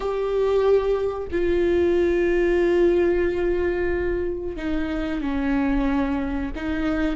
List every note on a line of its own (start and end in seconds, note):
0.00 1.27 G4
1.31 4.56 F4
4.56 5.21 D#4
5.21 6.51 C#4
6.55 7.16 D#4